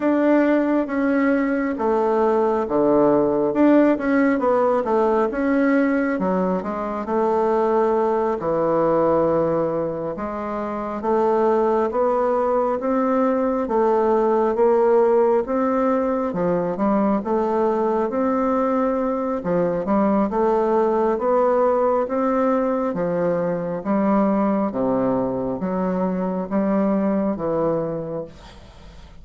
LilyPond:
\new Staff \with { instrumentName = "bassoon" } { \time 4/4 \tempo 4 = 68 d'4 cis'4 a4 d4 | d'8 cis'8 b8 a8 cis'4 fis8 gis8 | a4. e2 gis8~ | gis8 a4 b4 c'4 a8~ |
a8 ais4 c'4 f8 g8 a8~ | a8 c'4. f8 g8 a4 | b4 c'4 f4 g4 | c4 fis4 g4 e4 | }